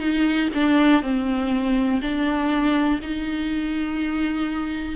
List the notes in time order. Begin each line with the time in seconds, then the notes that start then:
0.00 D#4
0.55 D4
1.02 C4
2.01 D4
3.02 D#4